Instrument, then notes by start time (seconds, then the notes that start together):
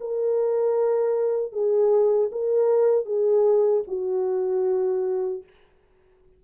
horn
0.00 A#4
1.52 G#4
2.31 A#4
3.05 G#4
3.87 F#4